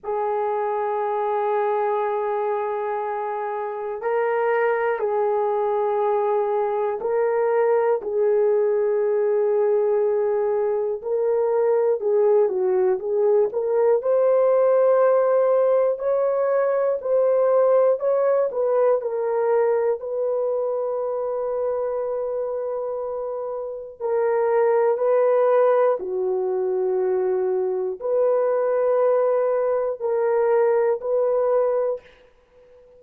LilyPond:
\new Staff \with { instrumentName = "horn" } { \time 4/4 \tempo 4 = 60 gis'1 | ais'4 gis'2 ais'4 | gis'2. ais'4 | gis'8 fis'8 gis'8 ais'8 c''2 |
cis''4 c''4 cis''8 b'8 ais'4 | b'1 | ais'4 b'4 fis'2 | b'2 ais'4 b'4 | }